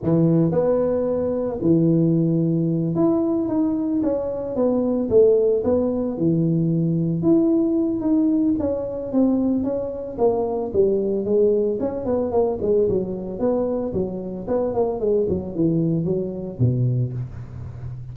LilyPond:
\new Staff \with { instrumentName = "tuba" } { \time 4/4 \tempo 4 = 112 e4 b2 e4~ | e4. e'4 dis'4 cis'8~ | cis'8 b4 a4 b4 e8~ | e4. e'4. dis'4 |
cis'4 c'4 cis'4 ais4 | g4 gis4 cis'8 b8 ais8 gis8 | fis4 b4 fis4 b8 ais8 | gis8 fis8 e4 fis4 b,4 | }